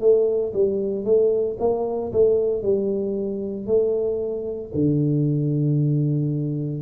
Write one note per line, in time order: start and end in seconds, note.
0.00 0.53 A3
0.53 1.04 G3
1.04 1.57 A3
1.59 2.12 A#3
2.12 2.63 A3
2.63 3.66 G3
3.66 4.71 A3
4.74 6.82 D3